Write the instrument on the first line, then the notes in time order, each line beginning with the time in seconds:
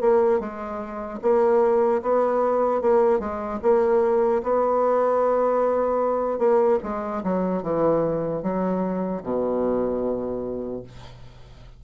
bassoon
0.00 A#3
0.40 G#3
1.21 A#3
2.02 B3
2.81 A#3
3.19 G#3
3.62 A#3
4.43 B3
6.38 A#3
6.83 G#3
7.23 F#3
7.63 E3
8.42 F#3
9.23 B2